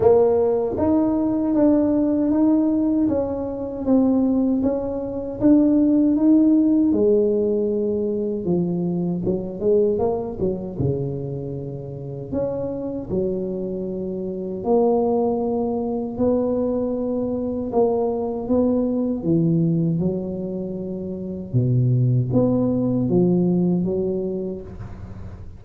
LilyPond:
\new Staff \with { instrumentName = "tuba" } { \time 4/4 \tempo 4 = 78 ais4 dis'4 d'4 dis'4 | cis'4 c'4 cis'4 d'4 | dis'4 gis2 f4 | fis8 gis8 ais8 fis8 cis2 |
cis'4 fis2 ais4~ | ais4 b2 ais4 | b4 e4 fis2 | b,4 b4 f4 fis4 | }